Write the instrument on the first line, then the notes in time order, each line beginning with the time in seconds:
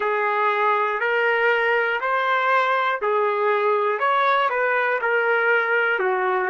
trumpet
0.00 G#4
1.00 A#4
2.00 C5
3.01 G#4
3.99 C#5
4.49 B4
5.01 A#4
5.99 F#4